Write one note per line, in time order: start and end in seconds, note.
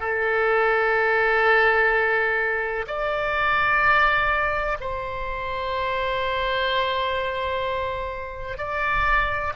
0.00 2.86 A4
2.87 4.78 D5
4.81 8.58 C5
8.58 9.53 D5